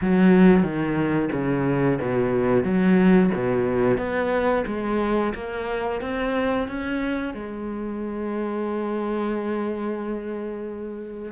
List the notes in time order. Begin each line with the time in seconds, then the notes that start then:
0.01 F#3
0.62 D#3
1.32 C#3
2.01 B2
2.63 F#3
3.34 B2
3.97 B3
4.67 G#3
5.34 A#3
6.01 C4
6.68 C#4
7.33 G#3